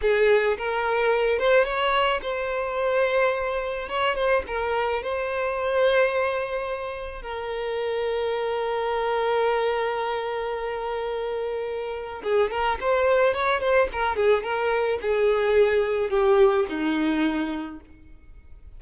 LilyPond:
\new Staff \with { instrumentName = "violin" } { \time 4/4 \tempo 4 = 108 gis'4 ais'4. c''8 cis''4 | c''2. cis''8 c''8 | ais'4 c''2.~ | c''4 ais'2.~ |
ais'1~ | ais'2 gis'8 ais'8 c''4 | cis''8 c''8 ais'8 gis'8 ais'4 gis'4~ | gis'4 g'4 dis'2 | }